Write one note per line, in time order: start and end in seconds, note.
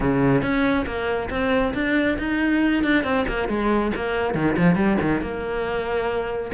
0.00 0.42 C#3
0.42 0.85 C#4
0.85 1.29 A#3
1.30 1.73 C4
1.74 2.17 D4
2.18 2.83 D#4
2.83 3.03 D4
3.03 3.25 C4
3.28 3.48 A#3
3.48 3.91 G#3
3.95 4.34 A#3
4.34 4.56 D#3
4.57 4.75 F3
4.75 4.97 G3
5.01 5.21 D#3
5.21 6.51 A#3